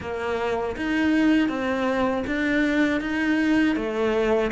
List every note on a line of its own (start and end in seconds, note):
0.00 0.75 A#3
0.76 1.48 D#4
1.48 2.23 C4
2.26 3.00 D4
3.00 3.75 D#4
3.76 4.51 A3